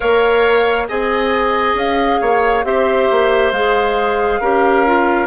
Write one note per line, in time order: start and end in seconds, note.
0.00 0.89 A#3
0.00 0.84 A#4
0.00 0.87 C#5
0.00 0.87 F5
0.88 1.74 C4
0.88 2.64 G#4
0.88 2.20 D#5
0.88 1.76 G#5
1.74 2.18 C#4
1.74 2.65 F5
2.20 2.64 A#3
2.20 2.64 C#5
2.64 3.08 C4
2.64 3.52 G4
2.64 4.40 C5
2.64 3.52 E5
3.10 3.51 A#3
3.51 4.40 G#3
3.51 4.42 G#4
3.51 5.26 F5
4.40 5.26 C#4
4.40 4.86 G4
4.40 5.26 A#4
4.86 5.26 F4